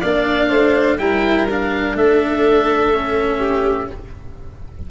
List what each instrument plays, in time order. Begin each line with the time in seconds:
0.00 tuba A#3, cello D4, violin D5, oboe F5
0.49 tuba A3, violin C5
0.98 tuba G3, cello E4, violin A#4, oboe G5
1.49 cello D4, oboe F5
1.94 tuba A3, violin A4, oboe E5
2.93 cello C#4
3.38 violin G4